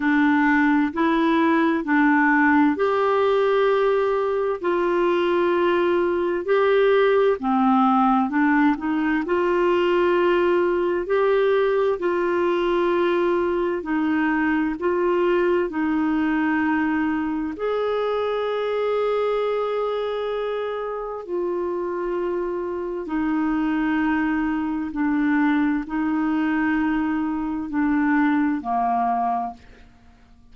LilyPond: \new Staff \with { instrumentName = "clarinet" } { \time 4/4 \tempo 4 = 65 d'4 e'4 d'4 g'4~ | g'4 f'2 g'4 | c'4 d'8 dis'8 f'2 | g'4 f'2 dis'4 |
f'4 dis'2 gis'4~ | gis'2. f'4~ | f'4 dis'2 d'4 | dis'2 d'4 ais4 | }